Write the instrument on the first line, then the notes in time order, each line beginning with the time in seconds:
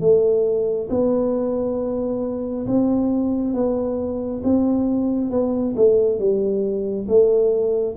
tuba
0.00 A3
0.89 B3
2.67 C4
3.54 B3
4.44 C4
5.31 B3
5.76 A3
6.19 G3
7.08 A3